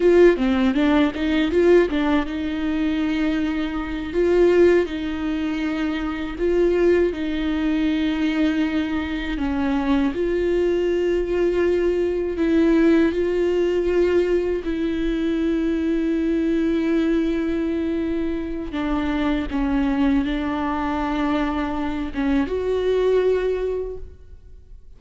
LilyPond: \new Staff \with { instrumentName = "viola" } { \time 4/4 \tempo 4 = 80 f'8 c'8 d'8 dis'8 f'8 d'8 dis'4~ | dis'4. f'4 dis'4.~ | dis'8 f'4 dis'2~ dis'8~ | dis'8 cis'4 f'2~ f'8~ |
f'8 e'4 f'2 e'8~ | e'1~ | e'4 d'4 cis'4 d'4~ | d'4. cis'8 fis'2 | }